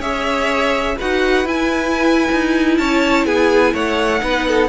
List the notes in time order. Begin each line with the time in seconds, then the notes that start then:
0.00 C#4 G#4 C#5 E5
0.98 D#4 F#4 B4 F#5
1.46 E4 G#5
2.32 D#4
2.78 C#4 C#5 A5
3.26 B3 G#4 G#5
3.74 A3 C#5 F#5
4.20 B3 D#4 B4
4.49 A4